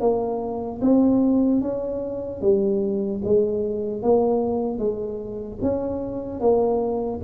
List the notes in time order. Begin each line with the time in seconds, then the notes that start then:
0.00 A#3
0.81 C4
1.61 C#4
2.41 G3
3.24 G#3
4.02 A#3
4.79 G#3
5.62 C#4
6.40 A#3